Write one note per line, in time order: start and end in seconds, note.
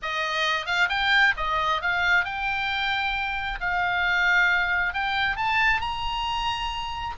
0.02 0.66 D#5
0.66 0.88 F5
0.89 1.34 G5
1.36 1.81 D#5
1.81 2.24 F5
2.24 3.59 G5
3.60 4.93 F5
4.93 5.36 G5
5.36 5.81 A5
5.81 7.15 A#5